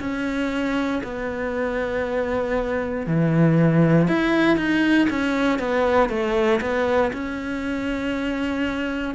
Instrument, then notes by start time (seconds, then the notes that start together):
cello
0.00 C#4
1.04 B3
3.06 E3
4.08 E4
4.57 D#4
5.10 C#4
5.59 B3
6.09 A3
6.61 B3
7.13 C#4